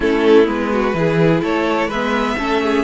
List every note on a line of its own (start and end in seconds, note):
0.00 0.47 A3
0.00 0.45 C#4
0.00 0.72 E4
0.00 0.47 A4
0.45 0.93 G#3
0.45 0.92 B3
0.45 1.42 B4
0.72 0.95 F#4
0.93 1.41 E3
0.93 1.91 E4
0.93 1.41 G#4
1.41 1.87 A3
1.41 1.88 A4
1.41 1.90 C#5
1.87 2.34 G#3
1.87 2.35 B4
1.87 2.84 E5
1.93 2.37 B3
2.37 2.84 A3
2.37 2.84 C#4
2.37 2.62 A4
2.62 2.84 G#4